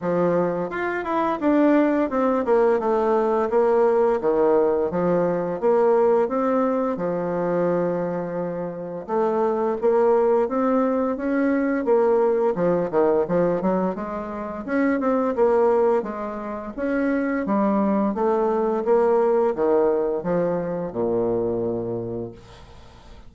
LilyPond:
\new Staff \with { instrumentName = "bassoon" } { \time 4/4 \tempo 4 = 86 f4 f'8 e'8 d'4 c'8 ais8 | a4 ais4 dis4 f4 | ais4 c'4 f2~ | f4 a4 ais4 c'4 |
cis'4 ais4 f8 dis8 f8 fis8 | gis4 cis'8 c'8 ais4 gis4 | cis'4 g4 a4 ais4 | dis4 f4 ais,2 | }